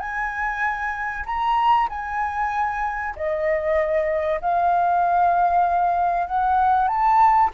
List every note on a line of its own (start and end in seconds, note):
0.00 1.25 G#5
1.26 1.89 A#5
1.90 3.15 G#5
3.16 4.41 D#5
4.41 6.27 F5
6.27 6.88 F#5
6.88 7.51 A5